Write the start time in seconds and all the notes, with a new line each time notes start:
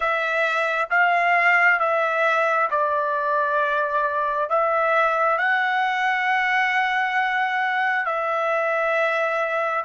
0.00 E5
0.90 F5
1.79 E5
2.70 D5
4.49 E5
5.38 F#5
8.05 E5